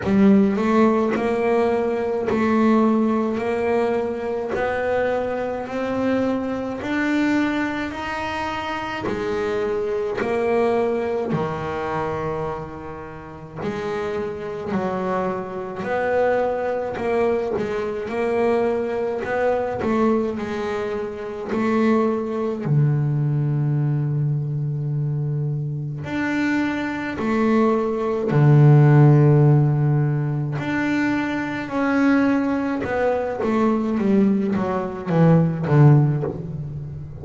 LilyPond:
\new Staff \with { instrumentName = "double bass" } { \time 4/4 \tempo 4 = 53 g8 a8 ais4 a4 ais4 | b4 c'4 d'4 dis'4 | gis4 ais4 dis2 | gis4 fis4 b4 ais8 gis8 |
ais4 b8 a8 gis4 a4 | d2. d'4 | a4 d2 d'4 | cis'4 b8 a8 g8 fis8 e8 d8 | }